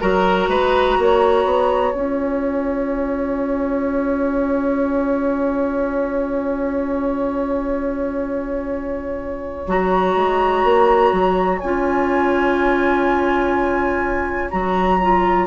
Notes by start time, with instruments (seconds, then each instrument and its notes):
0.00 bassoon F#3, clarinet F#4, oboe A#4, flute A#5
0.48 bassoon G#3, oboe B4
0.98 bassoon A#3, oboe C#5
1.45 bassoon B3
1.93 bassoon C#4, clarinet F4, flute G#5
9.67 bassoon F#3, clarinet F#4, flute A#5
10.15 bassoon G#3
10.64 bassoon A#3
11.12 bassoon F#3
11.58 bassoon C#4, clarinet F4, flute G#5
14.50 bassoon F#3, clarinet F#4, flute A#5
15.01 clarinet F4